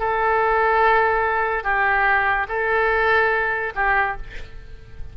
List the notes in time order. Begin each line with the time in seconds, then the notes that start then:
0.00 A4
1.64 G4
2.49 A4
3.76 G4